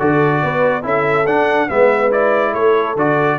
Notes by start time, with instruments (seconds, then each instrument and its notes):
0.00 tuba D3, trombone F#4, horn A4, trumpet D5
0.43 tuba B3, horn B4
0.83 tuba C#4, trombone E4, horn A4, trumpet E5
1.27 tuba D4, trombone D4, trumpet F#5
1.69 tuba G#3, trombone B3, horn B4, trumpet E5
2.11 trombone E4, trumpet D5
2.52 tuba A3, horn A4, trumpet C#5
2.97 tuba D3, trombone F#4, trumpet D5